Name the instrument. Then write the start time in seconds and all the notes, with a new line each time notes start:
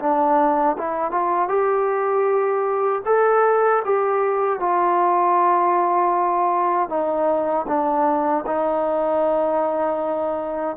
trombone
0.00 D4
0.78 E4
1.12 F4
1.49 G4
3.06 A4
3.85 G4
4.60 F4
6.90 D#4
7.68 D4
8.47 D#4